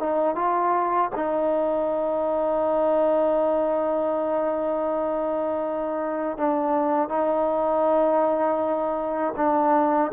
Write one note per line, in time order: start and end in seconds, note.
0.00 0.36 D#4
0.36 1.11 F4
1.16 6.38 D#4
6.38 7.09 D4
7.09 9.34 D#4
9.37 10.12 D4